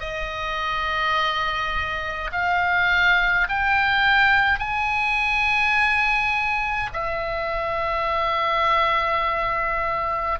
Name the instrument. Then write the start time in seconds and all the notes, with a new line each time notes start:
oboe
0.00 D#5
2.32 F5
3.49 G5
4.59 G#5
6.93 E5